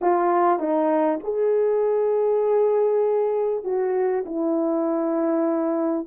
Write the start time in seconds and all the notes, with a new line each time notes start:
0.01 F4
0.59 D#4
1.23 G#4
3.64 F#4
4.25 E4